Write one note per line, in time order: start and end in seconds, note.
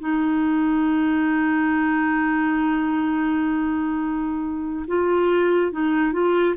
0.00 4.86 D#4
4.87 5.72 F4
5.72 6.13 D#4
6.13 6.55 F4